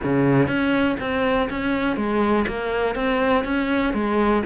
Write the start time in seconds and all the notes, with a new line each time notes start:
0.03 C#3
0.47 C#4
0.99 C4
1.50 C#4
1.96 G#3
2.47 A#3
2.95 C4
3.44 C#4
3.93 G#3